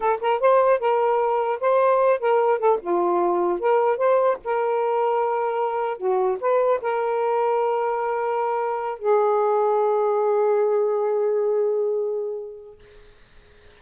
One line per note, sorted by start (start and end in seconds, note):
0.00 0.19 A4
0.21 0.40 A#4
0.40 0.79 C5
0.79 1.59 A#4
1.60 2.19 C5
2.19 2.59 A#4
2.59 2.79 A4
2.81 3.59 F4
3.59 3.97 A#4
3.97 4.37 C5
4.44 5.97 A#4
5.97 6.37 F#4
6.40 6.80 B4
6.81 8.99 A#4
8.99 12.79 G#4